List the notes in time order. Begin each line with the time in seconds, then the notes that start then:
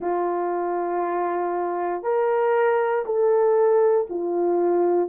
0.00 F4
2.02 A#4
3.05 A4
4.09 F4